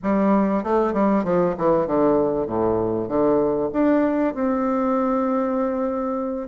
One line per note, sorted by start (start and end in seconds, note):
0.03 0.63 G3
0.63 0.93 A3
0.93 1.24 G3
1.24 1.55 F3
1.57 1.86 E3
1.86 2.47 D3
2.47 3.08 A2
3.08 3.70 D3
3.73 4.34 D4
4.34 6.48 C4